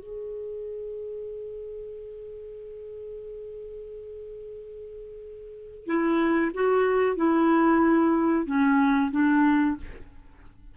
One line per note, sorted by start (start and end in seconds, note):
0.00 5.86 G#4
5.86 6.52 E4
6.55 7.17 F#4
7.17 8.46 E4
8.46 9.12 C#4
9.12 9.77 D4